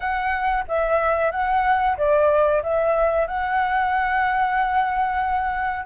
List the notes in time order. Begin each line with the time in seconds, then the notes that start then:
0.00 F#5
0.68 E5
1.31 F#5
1.97 D5
2.62 E5
3.27 F#5